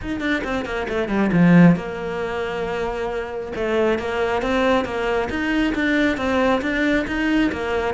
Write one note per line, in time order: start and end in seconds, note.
0.01 0.20 D#4
0.20 0.42 D4
0.44 0.65 C4
0.65 0.87 A#3
0.88 1.08 A3
1.08 1.30 G3
1.32 1.75 F3
1.75 3.52 A#3
3.55 3.98 A3
3.98 4.41 A#3
4.41 4.84 C4
4.84 5.28 A#3
5.29 5.73 D#4
5.74 6.17 D4
6.17 6.61 C4
6.61 7.05 D4
7.07 7.51 D#4
7.52 7.94 A#3